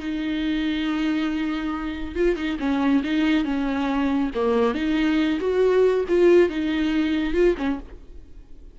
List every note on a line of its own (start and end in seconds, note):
0.00 2.15 D#4
2.15 2.36 F4
2.36 2.58 D#4
2.60 3.03 C#4
3.04 3.45 D#4
3.45 4.31 C#4
4.35 4.75 A#3
4.75 5.40 D#4
5.41 6.05 F#4
6.09 6.49 F4
6.49 7.34 D#4
7.34 7.56 F4
7.58 7.80 C#4